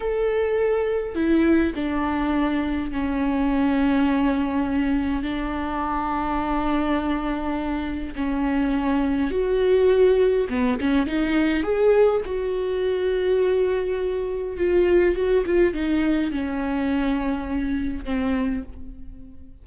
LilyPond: \new Staff \with { instrumentName = "viola" } { \time 4/4 \tempo 4 = 103 a'2 e'4 d'4~ | d'4 cis'2.~ | cis'4 d'2.~ | d'2 cis'2 |
fis'2 b8 cis'8 dis'4 | gis'4 fis'2.~ | fis'4 f'4 fis'8 f'8 dis'4 | cis'2. c'4 | }